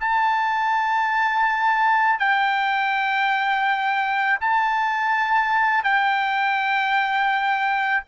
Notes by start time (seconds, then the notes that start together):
0.00 A5
2.19 G5
4.40 A5
5.83 G5